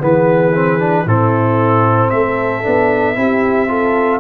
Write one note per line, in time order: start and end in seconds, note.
0.00 1.06 E3
0.00 0.53 B3
0.00 1.07 G#4
0.00 1.09 B4
0.54 0.80 C4
0.80 1.06 D4
1.06 2.11 A2
1.06 2.63 C4
1.06 2.12 E4
1.06 2.10 A4
2.10 2.65 A3
2.10 3.17 A4
2.10 4.21 E5
2.63 3.17 B3
2.63 3.16 D4
3.16 4.21 C4
3.16 3.68 E4
3.16 3.69 G4
3.68 4.21 F4
3.68 4.21 A4